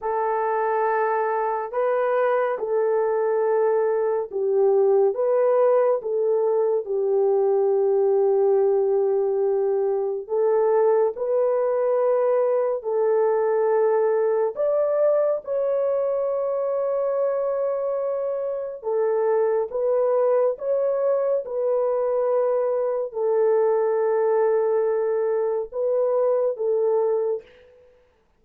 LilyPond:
\new Staff \with { instrumentName = "horn" } { \time 4/4 \tempo 4 = 70 a'2 b'4 a'4~ | a'4 g'4 b'4 a'4 | g'1 | a'4 b'2 a'4~ |
a'4 d''4 cis''2~ | cis''2 a'4 b'4 | cis''4 b'2 a'4~ | a'2 b'4 a'4 | }